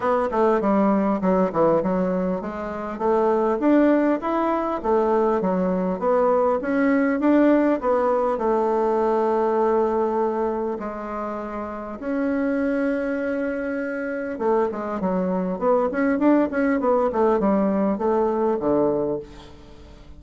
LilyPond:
\new Staff \with { instrumentName = "bassoon" } { \time 4/4 \tempo 4 = 100 b8 a8 g4 fis8 e8 fis4 | gis4 a4 d'4 e'4 | a4 fis4 b4 cis'4 | d'4 b4 a2~ |
a2 gis2 | cis'1 | a8 gis8 fis4 b8 cis'8 d'8 cis'8 | b8 a8 g4 a4 d4 | }